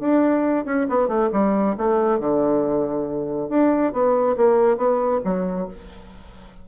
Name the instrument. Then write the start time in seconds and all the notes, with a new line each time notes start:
bassoon
0.00 D4
0.65 C#4
0.89 B3
1.08 A3
1.32 G3
1.78 A3
2.19 D3
3.49 D4
3.93 B3
4.37 A#3
4.77 B3
5.24 F#3